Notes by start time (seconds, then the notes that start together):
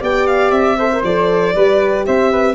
0.00 B3 G4 D5 G5
0.27 F5
0.51 C4 E5
0.78 A4 C5
0.92 A#4
1.02 F3 A4 D5
1.55 G3 G4 B4
2.06 C4 C5 E5
2.31 B4